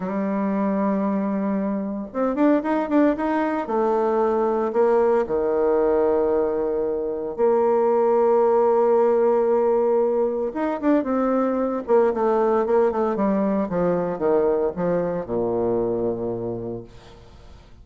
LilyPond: \new Staff \with { instrumentName = "bassoon" } { \time 4/4 \tempo 4 = 114 g1 | c'8 d'8 dis'8 d'8 dis'4 a4~ | a4 ais4 dis2~ | dis2 ais2~ |
ais1 | dis'8 d'8 c'4. ais8 a4 | ais8 a8 g4 f4 dis4 | f4 ais,2. | }